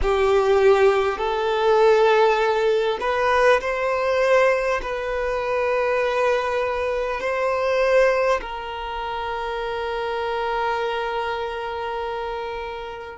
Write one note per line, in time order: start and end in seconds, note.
0.02 1.17 G4
1.17 2.97 A4
3.00 3.60 B4
3.61 4.81 C5
4.82 7.20 B4
7.20 8.40 C5
8.41 13.18 A#4